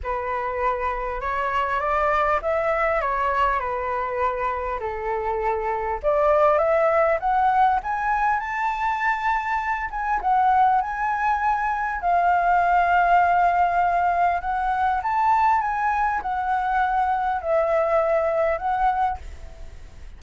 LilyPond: \new Staff \with { instrumentName = "flute" } { \time 4/4 \tempo 4 = 100 b'2 cis''4 d''4 | e''4 cis''4 b'2 | a'2 d''4 e''4 | fis''4 gis''4 a''2~ |
a''8 gis''8 fis''4 gis''2 | f''1 | fis''4 a''4 gis''4 fis''4~ | fis''4 e''2 fis''4 | }